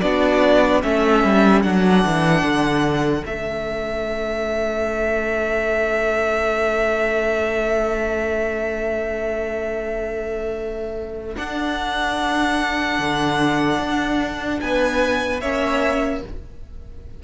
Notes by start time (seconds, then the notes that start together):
0.00 B3 D4 F#4 D5
0.81 A3 C#4 A4 E5
1.24 G3
1.62 F#3 D4 F#5
2.05 E3
2.42 D3
3.23 A3 C#4 E5
11.36 D4 F#5
12.99 D3
13.79 D4
14.60 B3 B4 G#5
15.41 A#3 C#4 C#5 E5